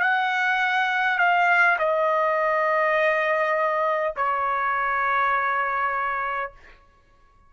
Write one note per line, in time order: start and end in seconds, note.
0.00 1.18 F#5
1.18 1.76 F5
1.78 4.13 D#5
4.16 6.51 C#5